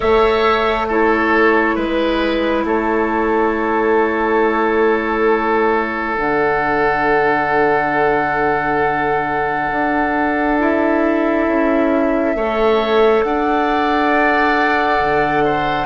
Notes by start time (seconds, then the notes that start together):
0.00 A3 A4 C#5 E5
0.88 E4 A4 C#5
1.75 G#3 B4
2.64 A3 A4 C#5
6.17 D3 D4 F#5
9.71 D4
10.59 E4 E5
11.47 C#4
12.34 A3 A4 C#5
13.22 D4 D5 F#5
15.00 D3
15.44 C5